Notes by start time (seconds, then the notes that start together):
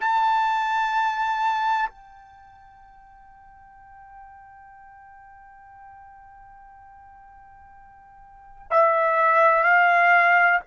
0.00 A5
1.89 G5
8.71 E5
9.64 F5